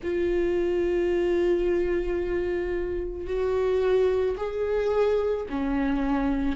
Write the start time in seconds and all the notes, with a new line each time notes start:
0.03 F4
3.27 F#4
4.36 G#4
5.49 C#4